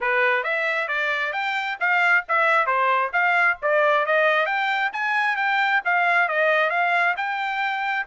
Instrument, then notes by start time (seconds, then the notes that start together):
trumpet
0.01 B4
0.43 E5
0.88 D5
1.32 G5
1.80 F5
2.28 E5
2.66 C5
3.13 F5
3.62 D5
4.05 D#5
4.46 G5
4.92 G#5
5.36 G5
5.84 F5
6.28 D#5
6.69 F5
7.16 G5